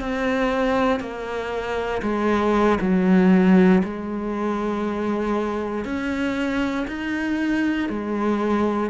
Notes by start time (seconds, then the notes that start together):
0.00 C4
1.00 A#3
2.02 G#3
2.81 F#3
3.84 G#3
5.85 C#4
6.87 D#4
7.89 G#3